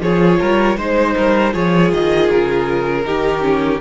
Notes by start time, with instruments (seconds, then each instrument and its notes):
0.00 cello F3, viola F4, violin G#4 C#5
0.39 cello G3, violin A#4
0.76 cello G#3, viola D#4, violin C5
1.16 cello G3, violin A#4
1.52 cello F3, viola F4, violin G#4 C#5
1.92 cello D#3, violin D#5
2.29 cello C#3, violin A#4
3.04 cello D#3, viola D#4, violin G4
3.41 viola C#4